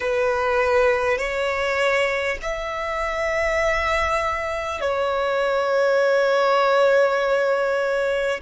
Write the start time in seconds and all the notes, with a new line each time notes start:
0.00 B4
1.17 C#5
2.42 E5
4.81 C#5